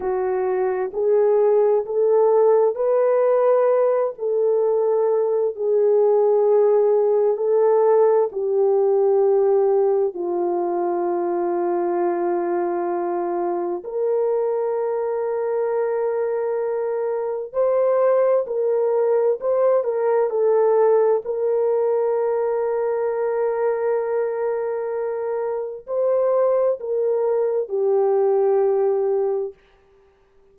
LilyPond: \new Staff \with { instrumentName = "horn" } { \time 4/4 \tempo 4 = 65 fis'4 gis'4 a'4 b'4~ | b'8 a'4. gis'2 | a'4 g'2 f'4~ | f'2. ais'4~ |
ais'2. c''4 | ais'4 c''8 ais'8 a'4 ais'4~ | ais'1 | c''4 ais'4 g'2 | }